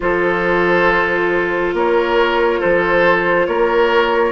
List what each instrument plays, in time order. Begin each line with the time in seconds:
0.00 bassoon F3, clarinet F4, oboe A4, flute C5
1.73 bassoon A#3, oboe A#4, flute C#5
2.59 bassoon F3, oboe A4, flute C5
3.46 bassoon A#3, oboe A#4, flute C#5